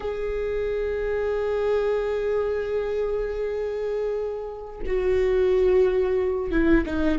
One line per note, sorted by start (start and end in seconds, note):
0.00 4.80 G#4
4.86 6.51 F#4
6.51 6.84 E4
6.86 7.18 D#4